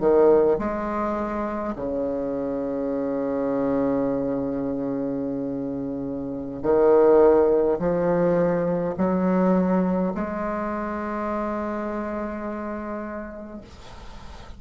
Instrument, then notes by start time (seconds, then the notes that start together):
bassoon
0.00 D#3
0.59 G#3
1.76 C#3
6.63 D#3
7.79 F3
8.98 F#3
10.15 G#3